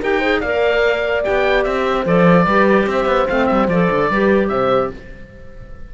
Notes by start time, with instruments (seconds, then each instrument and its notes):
0.00 cello D#4, clarinet G4, horn A#4, oboe G5
0.18 clarinet G#4, horn C5
0.40 cello A#3, clarinet A#4, horn D5, oboe F5
1.24 cello B3, clarinet G4, oboe G5
1.64 cello C4, oboe E5
1.87 horn C5
2.05 cello F3, clarinet A4, oboe D5
2.46 cello G3, clarinet G4, horn B4
2.86 cello C4, horn C5, oboe E5
3.05 cello B3
3.28 cello A3, clarinet C4, oboe F5
3.46 cello G3, oboe E5
3.68 cello F3, clarinet A4, oboe D5
3.90 cello D3
4.09 cello G3, clarinet G4, horn B4
4.48 cello C3, horn C5, oboe E5